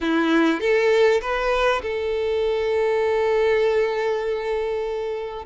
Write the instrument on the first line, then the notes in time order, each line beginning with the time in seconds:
violin
0.01 E4
0.60 A4
1.21 B4
1.82 A4